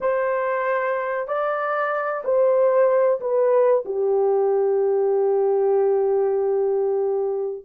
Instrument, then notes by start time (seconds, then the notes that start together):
horn
0.00 C5
1.27 D5
2.24 C5
3.20 B4
3.85 G4